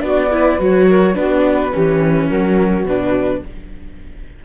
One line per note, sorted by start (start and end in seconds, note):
0.00 0.59 B3
0.00 0.28 D4
0.00 0.30 F#4
0.00 0.61 D5
0.31 0.59 E4
0.31 0.88 B4
0.59 1.17 F#3
0.59 1.14 F#4
0.59 1.15 C#5
0.88 1.16 A#4
1.14 1.74 B3
1.14 1.71 D4
1.14 1.73 F#4
1.14 2.29 B4
1.73 2.30 E3
1.73 2.86 C#4
1.73 2.28 G4
2.28 2.84 F#3
2.28 3.41 F#4
2.28 2.86 A#4
2.84 3.41 B2
2.84 3.45 D4
2.84 3.44 B4